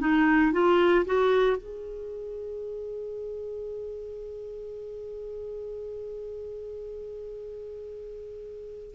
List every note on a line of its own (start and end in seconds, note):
0.00 0.53 D#4
0.53 1.05 F4
1.06 1.57 F#4
1.57 8.94 G#4